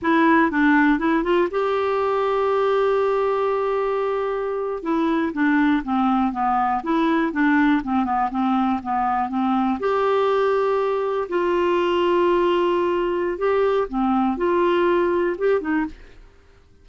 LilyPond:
\new Staff \with { instrumentName = "clarinet" } { \time 4/4 \tempo 4 = 121 e'4 d'4 e'8 f'8 g'4~ | g'1~ | g'4.~ g'16 e'4 d'4 c'16~ | c'8. b4 e'4 d'4 c'16~ |
c'16 b8 c'4 b4 c'4 g'16~ | g'2~ g'8. f'4~ f'16~ | f'2. g'4 | c'4 f'2 g'8 dis'8 | }